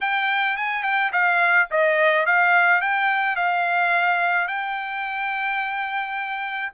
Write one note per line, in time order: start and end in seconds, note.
0.01 0.56 G5
0.56 0.83 G#5
0.83 1.11 G5
1.12 1.68 F5
1.71 2.26 D#5
2.26 2.81 F5
2.81 3.35 G5
3.35 4.47 F5
4.47 6.72 G5